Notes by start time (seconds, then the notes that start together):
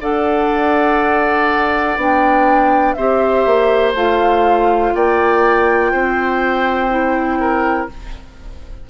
0.00 D4 A4 D5 F#5
1.96 B3 D4 G5
2.93 C4 G4 C5 E5
3.45 A#3
3.94 A3 F4 F5
4.94 A#3 D5 G5
5.91 C4 C5
6.90 E4
7.40 A#4